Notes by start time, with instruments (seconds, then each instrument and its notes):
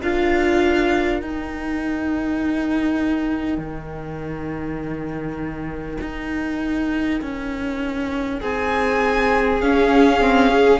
0.00 cello D4, viola F4, violin A#4 F5
1.21 viola D#4, cello D#4, violin G5
3.58 cello D#3
6.00 cello D#4
7.21 cello C#4
8.40 cello C4, violin G#4 G#5
9.61 viola C#4, cello C#4, violin F5
10.21 viola C4
10.50 viola G#4